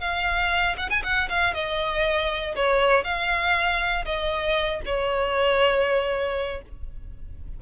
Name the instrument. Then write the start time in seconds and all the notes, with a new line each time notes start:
violin
0.00 F5
0.77 F#5
0.90 G#5
1.03 F#5
1.29 F5
1.54 D#5
2.55 C#5
3.04 F5
4.05 D#5
4.85 C#5